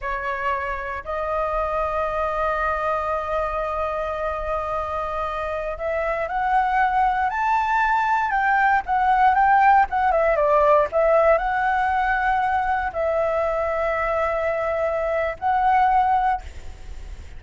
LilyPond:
\new Staff \with { instrumentName = "flute" } { \time 4/4 \tempo 4 = 117 cis''2 dis''2~ | dis''1~ | dis''2.~ dis''16 e''8.~ | e''16 fis''2 a''4.~ a''16~ |
a''16 g''4 fis''4 g''4 fis''8 e''16~ | e''16 d''4 e''4 fis''4.~ fis''16~ | fis''4~ fis''16 e''2~ e''8.~ | e''2 fis''2 | }